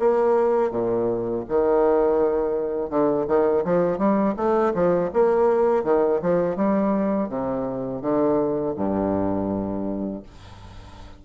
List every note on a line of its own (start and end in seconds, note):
0.00 0.72 A#3
0.72 1.45 A#2
1.49 2.90 D#3
2.90 3.27 D3
3.28 3.65 D#3
3.65 3.98 F3
3.98 4.35 G3
4.37 4.74 A3
4.75 5.11 F3
5.14 5.84 A#3
5.84 6.21 D#3
6.22 6.57 F3
6.57 7.29 G3
7.29 8.02 C3
8.02 8.75 D3
8.77 10.23 G2